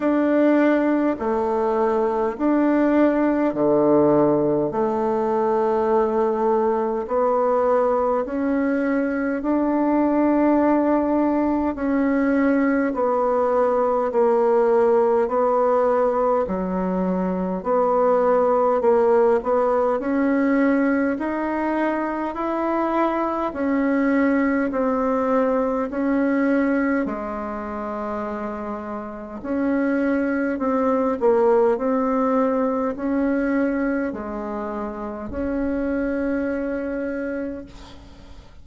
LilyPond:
\new Staff \with { instrumentName = "bassoon" } { \time 4/4 \tempo 4 = 51 d'4 a4 d'4 d4 | a2 b4 cis'4 | d'2 cis'4 b4 | ais4 b4 fis4 b4 |
ais8 b8 cis'4 dis'4 e'4 | cis'4 c'4 cis'4 gis4~ | gis4 cis'4 c'8 ais8 c'4 | cis'4 gis4 cis'2 | }